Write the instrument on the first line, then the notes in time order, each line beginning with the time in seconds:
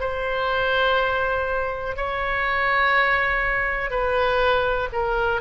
oboe
0.00 C5
1.96 C#5
3.90 B4
4.92 A#4